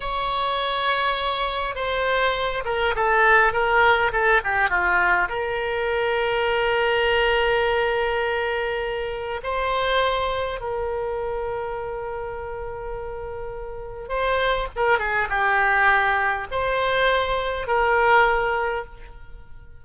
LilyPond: \new Staff \with { instrumentName = "oboe" } { \time 4/4 \tempo 4 = 102 cis''2. c''4~ | c''8 ais'8 a'4 ais'4 a'8 g'8 | f'4 ais'2.~ | ais'1 |
c''2 ais'2~ | ais'1 | c''4 ais'8 gis'8 g'2 | c''2 ais'2 | }